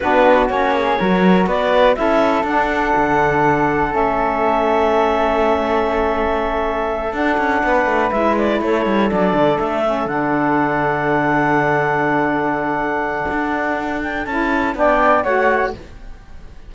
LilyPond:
<<
  \new Staff \with { instrumentName = "clarinet" } { \time 4/4 \tempo 4 = 122 b'4 cis''2 d''4 | e''4 fis''2. | e''1~ | e''2~ e''8 fis''4.~ |
fis''8 e''8 d''8 cis''4 d''4 e''8~ | e''8 fis''2.~ fis''8~ | fis''1~ | fis''8 g''8 a''4 g''4 fis''4 | }
  \new Staff \with { instrumentName = "flute" } { \time 4/4 fis'4. gis'8 ais'4 b'4 | a'1~ | a'1~ | a'2.~ a'8 b'8~ |
b'4. a'2~ a'8~ | a'1~ | a'1~ | a'2 d''4 cis''4 | }
  \new Staff \with { instrumentName = "saxophone" } { \time 4/4 d'4 cis'4 fis'2 | e'4 d'2. | cis'1~ | cis'2~ cis'8 d'4.~ |
d'8 e'2 d'4. | cis'8 d'2.~ d'8~ | d'1~ | d'4 e'4 d'4 fis'4 | }
  \new Staff \with { instrumentName = "cello" } { \time 4/4 b4 ais4 fis4 b4 | cis'4 d'4 d2 | a1~ | a2~ a8 d'8 cis'8 b8 |
a8 gis4 a8 g8 fis8 d8 a8~ | a8 d2.~ d8~ | d2. d'4~ | d'4 cis'4 b4 a4 | }
>>